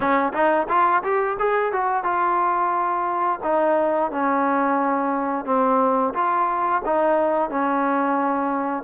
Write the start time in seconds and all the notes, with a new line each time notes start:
0.00 C#4
0.33 D#4
0.68 F4
1.03 G4
1.39 G#4
1.72 F#4
2.03 F4
3.43 D#4
4.11 C#4
5.45 C4
6.14 F4
6.85 D#4
7.50 C#4